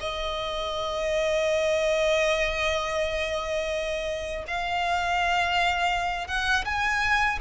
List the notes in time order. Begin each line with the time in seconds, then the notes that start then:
0.00 D#5
4.47 F5
6.28 F#5
6.65 G#5